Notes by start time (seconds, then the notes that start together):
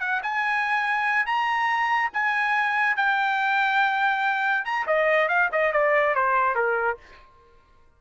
0.00 F#5
0.23 G#5
1.26 A#5
2.13 G#5
2.96 G5
4.65 A#5
4.87 D#5
5.28 F5
5.52 D#5
5.72 D5
6.15 C5
6.55 A#4